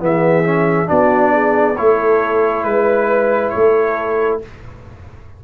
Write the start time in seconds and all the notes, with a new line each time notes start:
0.00 E3 B3 G#4 E5
0.44 C#4
0.86 B3 D4 F#4 D5
1.33 G#4
1.77 A3 E4 A4 C#5
2.64 G#3 B4
3.50 A4 C#5
3.56 A3